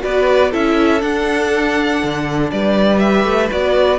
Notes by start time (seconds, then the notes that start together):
0.00 B3 F#4 B4 D5
0.51 C#4 E4 A4 E5
1.00 D4 F#5
2.03 D3
2.51 G3 B4 D5
2.98 G4 E5
3.25 A3
3.50 B3 F#4 D5